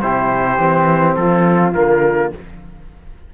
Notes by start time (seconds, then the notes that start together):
0.00 C3 E4 G4 C5
0.58 E3 C4
1.15 F3 F4 A4
1.74 D3 A#3 A#4